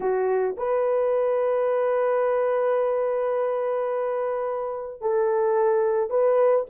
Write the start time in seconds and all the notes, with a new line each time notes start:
0.00 F#4
0.57 B4
5.01 A4
6.10 B4